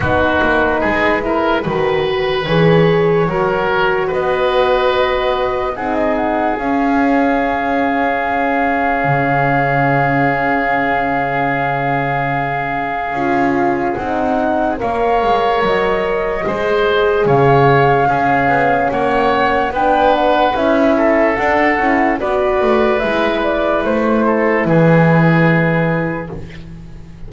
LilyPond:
<<
  \new Staff \with { instrumentName = "flute" } { \time 4/4 \tempo 4 = 73 b'2. cis''4~ | cis''4 dis''2 fis''16 dis''16 fis''8 | f''1~ | f''1~ |
f''4 fis''4 f''4 dis''4~ | dis''4 f''2 fis''4 | g''8 fis''8 e''4 fis''4 d''4 | e''8 d''8 c''4 b'2 | }
  \new Staff \with { instrumentName = "oboe" } { \time 4/4 fis'4 gis'8 ais'8 b'2 | ais'4 b'2 gis'4~ | gis'1~ | gis'1~ |
gis'2 cis''2 | c''4 cis''4 gis'4 cis''4 | b'4. a'4. b'4~ | b'4. a'8 gis'2 | }
  \new Staff \with { instrumentName = "horn" } { \time 4/4 dis'4. e'8 fis'4 gis'4 | fis'2. dis'4 | cis'1~ | cis'1 |
f'4 dis'4 ais'2 | gis'2 cis'2 | d'4 e'4 d'8 e'8 fis'4 | e'1 | }
  \new Staff \with { instrumentName = "double bass" } { \time 4/4 b8 ais8 gis4 dis4 e4 | fis4 b2 c'4 | cis'2. cis4~ | cis1 |
cis'4 c'4 ais8 gis8 fis4 | gis4 cis4 cis'8 b8 ais4 | b4 cis'4 d'8 cis'8 b8 a8 | gis4 a4 e2 | }
>>